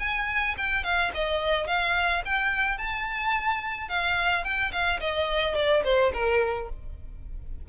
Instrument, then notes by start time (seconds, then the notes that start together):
violin
0.00 G#5
0.58 G5
0.84 F5
1.15 D#5
1.68 F5
2.26 G5
2.78 A5
3.89 F5
4.45 G5
4.72 F5
5.01 D#5
5.56 D5
5.85 C5
6.14 A#4